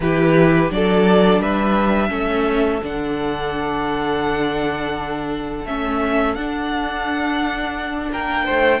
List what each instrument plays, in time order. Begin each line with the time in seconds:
0.00 cello E3, viola E4, violin G4 B4
0.69 cello F#3, viola D4, violin A4 D5
1.39 cello G3, violin B4 E5
2.08 cello A3, viola C#4, violin A4
2.82 cello D3, viola D4, violin F#5
5.65 cello A3, viola C#4, violin E5
6.34 cello D4, viola D4, violin F#5
8.11 cello A#3, violin A#4 G5
8.45 cello A3, violin C5